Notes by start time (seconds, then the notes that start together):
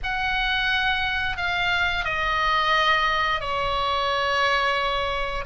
0.03 F#5
1.37 F5
2.04 D#5
3.40 C#5